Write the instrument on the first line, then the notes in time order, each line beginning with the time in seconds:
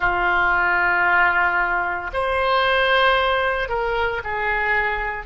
oboe
0.00 F4
2.13 C5
3.68 A#4
4.23 G#4